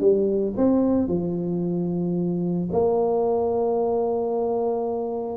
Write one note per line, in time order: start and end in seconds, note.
0.00 0.54 G3
0.56 1.08 C4
1.08 2.68 F3
2.72 5.37 A#3